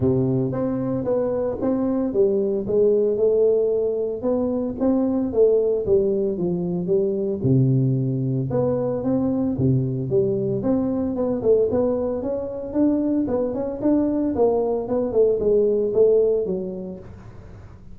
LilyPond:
\new Staff \with { instrumentName = "tuba" } { \time 4/4 \tempo 4 = 113 c4 c'4 b4 c'4 | g4 gis4 a2 | b4 c'4 a4 g4 | f4 g4 c2 |
b4 c'4 c4 g4 | c'4 b8 a8 b4 cis'4 | d'4 b8 cis'8 d'4 ais4 | b8 a8 gis4 a4 fis4 | }